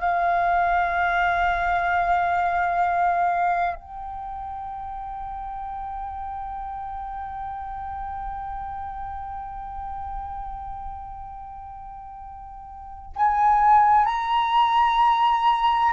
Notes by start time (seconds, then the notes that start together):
0.00 F5
3.75 G5
13.15 G#5
14.05 A#5